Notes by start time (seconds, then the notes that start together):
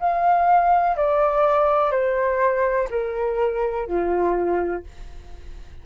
0.00 F5
0.97 D5
1.91 C5
2.90 A#4
3.87 F4